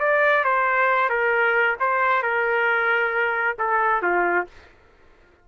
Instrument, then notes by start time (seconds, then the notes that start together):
trumpet
0.00 D5
0.45 C5
1.10 A#4
1.80 C5
2.23 A#4
3.59 A4
4.02 F4